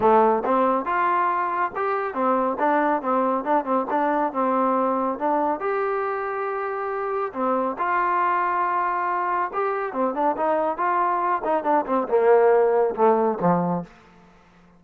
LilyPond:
\new Staff \with { instrumentName = "trombone" } { \time 4/4 \tempo 4 = 139 a4 c'4 f'2 | g'4 c'4 d'4 c'4 | d'8 c'8 d'4 c'2 | d'4 g'2.~ |
g'4 c'4 f'2~ | f'2 g'4 c'8 d'8 | dis'4 f'4. dis'8 d'8 c'8 | ais2 a4 f4 | }